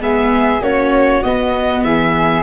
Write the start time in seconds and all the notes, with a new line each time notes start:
0.00 G#3 B3 G#4 E5
0.61 A#3 C#4 F#4 C#5
1.23 B3 D#5
1.83 E3 G#4 E5